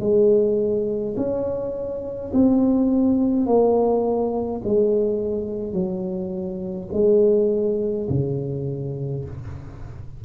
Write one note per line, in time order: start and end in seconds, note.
0.00 1.15 G#3
1.17 2.32 C#4
2.34 3.47 C4
3.47 4.62 A#3
4.65 5.73 G#3
5.73 6.89 F#3
6.93 8.08 G#3
8.10 9.25 C#3